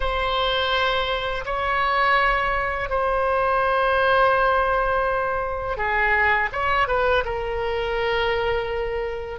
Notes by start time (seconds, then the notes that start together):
0.00 C5
1.45 C#5
2.89 C5
5.77 G#4
6.52 C#5
6.87 B4
7.24 A#4